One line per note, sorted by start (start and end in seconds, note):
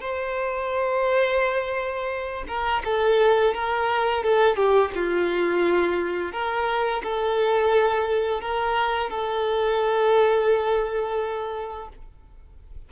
0.00 2.44 C5
2.48 2.83 A#4
2.84 3.54 A4
3.54 4.23 A#4
4.23 4.56 A4
4.56 4.91 G4
4.95 6.32 F4
6.32 7.02 A#4
7.03 8.41 A4
8.41 9.10 A#4
9.10 11.89 A4